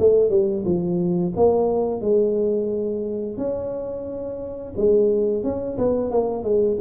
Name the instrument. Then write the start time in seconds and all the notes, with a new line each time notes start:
tuba
0.00 A3
0.30 G3
0.65 F3
1.37 A#3
2.01 G#3
3.38 C#4
4.77 G#3
5.44 C#4
5.78 B3
6.11 A#3
6.44 G#3